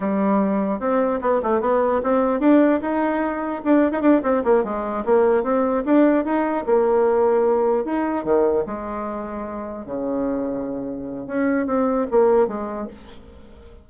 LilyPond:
\new Staff \with { instrumentName = "bassoon" } { \time 4/4 \tempo 4 = 149 g2 c'4 b8 a8 | b4 c'4 d'4 dis'4~ | dis'4 d'8. dis'16 d'8 c'8 ais8 gis8~ | gis8 ais4 c'4 d'4 dis'8~ |
dis'8 ais2. dis'8~ | dis'8 dis4 gis2~ gis8~ | gis8 cis2.~ cis8 | cis'4 c'4 ais4 gis4 | }